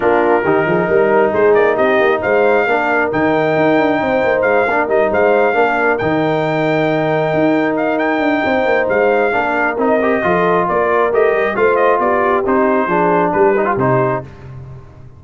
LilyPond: <<
  \new Staff \with { instrumentName = "trumpet" } { \time 4/4 \tempo 4 = 135 ais'2. c''8 d''8 | dis''4 f''2 g''4~ | g''2 f''4 dis''8 f''8~ | f''4. g''2~ g''8~ |
g''4. f''8 g''2 | f''2 dis''2 | d''4 dis''4 f''8 dis''8 d''4 | c''2 b'4 c''4 | }
  \new Staff \with { instrumentName = "horn" } { \time 4/4 f'4 g'8 gis'8 ais'4 gis'4 | g'4 c''4 ais'2~ | ais'4 c''4. ais'4 c''8~ | c''8 ais'2.~ ais'8~ |
ais'2. c''4~ | c''4 ais'2 a'4 | ais'2 c''4 g'4~ | g'4 gis'4 g'2 | }
  \new Staff \with { instrumentName = "trombone" } { \time 4/4 d'4 dis'2.~ | dis'2 d'4 dis'4~ | dis'2~ dis'8 d'8 dis'4~ | dis'8 d'4 dis'2~ dis'8~ |
dis'1~ | dis'4 d'4 dis'8 g'8 f'4~ | f'4 g'4 f'2 | dis'4 d'4. dis'16 f'16 dis'4 | }
  \new Staff \with { instrumentName = "tuba" } { \time 4/4 ais4 dis8 f8 g4 gis8 ais8 | c'8 ais8 gis4 ais4 dis4 | dis'8 d'8 c'8 ais8 gis8 ais8 g8 gis8~ | gis8 ais4 dis2~ dis8~ |
dis8 dis'2 d'8 c'8 ais8 | gis4 ais4 c'4 f4 | ais4 a8 g8 a4 b4 | c'4 f4 g4 c4 | }
>>